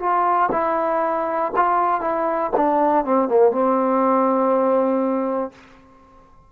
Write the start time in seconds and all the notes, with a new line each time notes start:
0.00 F4
0.52 E4
1.56 F4
2.01 E4
2.57 D4
3.05 C4
3.29 A#3
3.52 C4